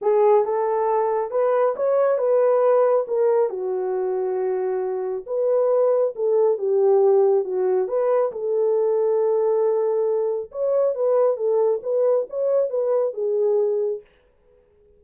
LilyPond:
\new Staff \with { instrumentName = "horn" } { \time 4/4 \tempo 4 = 137 gis'4 a'2 b'4 | cis''4 b'2 ais'4 | fis'1 | b'2 a'4 g'4~ |
g'4 fis'4 b'4 a'4~ | a'1 | cis''4 b'4 a'4 b'4 | cis''4 b'4 gis'2 | }